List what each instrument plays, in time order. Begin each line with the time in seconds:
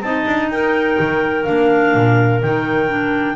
0.00 double bass C4, clarinet D#4 D#5 A5
0.26 double bass D4
0.49 double bass D#4, clarinet A#4 G5
0.99 double bass D#3
1.43 double bass A#3, clarinet D4 F5
1.94 double bass A#2
2.42 double bass D#3, clarinet D#4 G5
2.88 clarinet D4